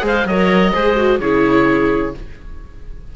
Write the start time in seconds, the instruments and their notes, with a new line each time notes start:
0.00 cello G#3, viola G#4, clarinet C5
0.07 oboe F5
0.25 cello F#3, viola A#4, clarinet C#5, oboe D#5
0.73 cello G#3, viola G#4, clarinet C5
0.96 viola F#4
1.20 cello C#3, viola E4, clarinet G#4, oboe C#5